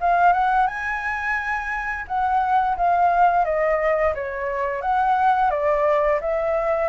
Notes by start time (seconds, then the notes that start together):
0.00 F5
0.32 F#5
0.67 G#5
2.07 F#5
2.76 F5
3.44 D#5
4.14 C#5
4.81 F#5
5.50 D5
6.21 E5